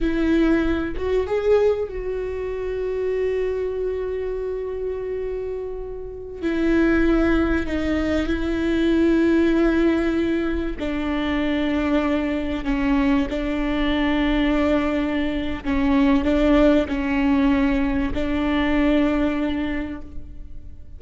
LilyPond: \new Staff \with { instrumentName = "viola" } { \time 4/4 \tempo 4 = 96 e'4. fis'8 gis'4 fis'4~ | fis'1~ | fis'2~ fis'16 e'4.~ e'16~ | e'16 dis'4 e'2~ e'8.~ |
e'4~ e'16 d'2~ d'8.~ | d'16 cis'4 d'2~ d'8.~ | d'4 cis'4 d'4 cis'4~ | cis'4 d'2. | }